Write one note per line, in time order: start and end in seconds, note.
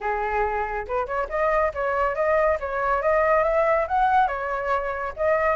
0.00 0.86 G#4
0.87 1.06 B4
1.06 1.27 C#5
1.29 1.71 D#5
1.74 2.15 C#5
2.15 2.58 D#5
2.60 3.02 C#5
3.02 3.43 D#5
3.43 3.86 E5
3.87 4.27 F#5
4.27 5.13 C#5
5.16 5.55 D#5